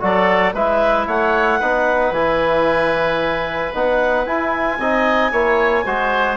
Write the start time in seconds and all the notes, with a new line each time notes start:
0.00 F#3 F#4 A4 D5
0.54 G#3 E4 B4 E5
1.07 A3 C#5 F#5
1.59 B3 D#4 B4
2.10 E3 E4 G#5
3.73 B3 D#4 F#5
4.26 E4 G#5
4.79 C4 D#4 D#5
5.31 A#3 E4 C#5
5.86 G#3 F#4 C5